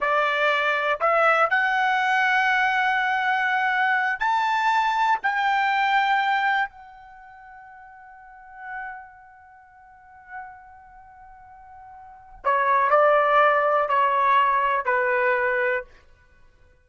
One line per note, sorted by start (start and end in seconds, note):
0.00 0.99 D5
1.00 1.50 E5
1.50 4.19 F#5
4.19 5.18 A5
5.22 6.69 G5
6.69 12.39 F#5
12.43 12.89 C#5
12.89 13.88 D5
13.88 14.85 C#5
14.85 15.84 B4